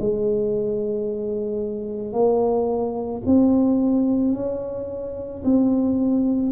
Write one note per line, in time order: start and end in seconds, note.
0.00 2.13 G#3
2.13 3.22 A#3
3.26 4.34 C4
4.34 5.43 C#4
5.45 6.53 C4